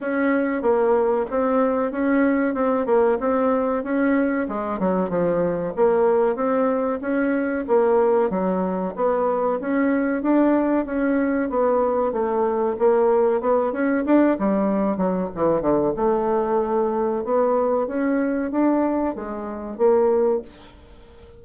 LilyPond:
\new Staff \with { instrumentName = "bassoon" } { \time 4/4 \tempo 4 = 94 cis'4 ais4 c'4 cis'4 | c'8 ais8 c'4 cis'4 gis8 fis8 | f4 ais4 c'4 cis'4 | ais4 fis4 b4 cis'4 |
d'4 cis'4 b4 a4 | ais4 b8 cis'8 d'8 g4 fis8 | e8 d8 a2 b4 | cis'4 d'4 gis4 ais4 | }